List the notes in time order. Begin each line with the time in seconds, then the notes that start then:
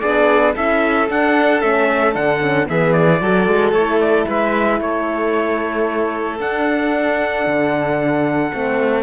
0.00 B3 D4 G#4 D5
0.54 C#4 E4 A4 E5
1.07 D4 F#5
1.59 A3 C#4 E5
2.12 D3 D4 F#5
2.40 C#4
2.64 E3 B3 G#4 E5
2.92 D5
3.21 F#3 F#4 A4
3.46 G#3
3.71 A3 E4 C#5
4.00 D5
4.27 G#3 B4 E5
4.80 A3 A4 C#5
6.39 D4 F#5
7.46 D3
8.52 A3 C4